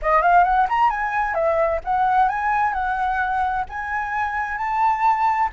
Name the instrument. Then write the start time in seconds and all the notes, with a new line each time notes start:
flute
0.01 D#5
0.22 F5
0.44 F#5
0.69 A#5
0.90 G#5
1.34 E5
1.84 F#5
2.28 G#5
2.73 F#5
3.69 G#5
4.57 A5